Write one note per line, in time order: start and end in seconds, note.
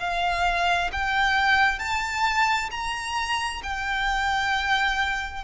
0.00 0.91 F5
0.93 1.79 G5
1.79 2.70 A5
2.71 3.62 A#5
3.63 5.45 G5